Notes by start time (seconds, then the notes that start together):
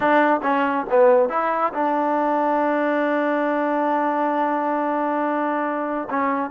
0.00 D4
0.42 C#4
0.90 B3
1.29 E4
1.73 D4
6.09 C#4